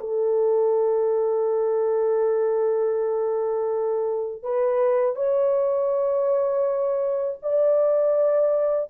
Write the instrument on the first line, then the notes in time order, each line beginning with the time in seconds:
horn
0.00 A4
4.43 B4
5.15 C#5
7.42 D5